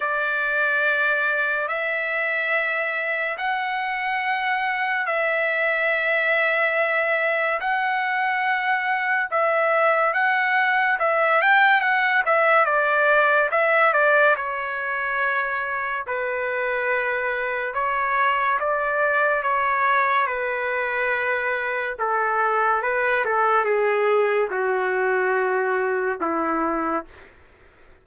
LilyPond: \new Staff \with { instrumentName = "trumpet" } { \time 4/4 \tempo 4 = 71 d''2 e''2 | fis''2 e''2~ | e''4 fis''2 e''4 | fis''4 e''8 g''8 fis''8 e''8 d''4 |
e''8 d''8 cis''2 b'4~ | b'4 cis''4 d''4 cis''4 | b'2 a'4 b'8 a'8 | gis'4 fis'2 e'4 | }